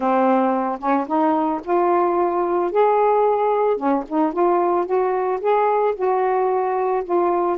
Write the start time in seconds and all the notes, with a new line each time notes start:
0.00 C4
0.79 C#4
1.07 D#4
1.63 F4
2.71 G#4
3.76 C#4
4.08 D#4
4.32 F4
4.86 F#4
5.40 G#4
5.95 F#4
7.04 F4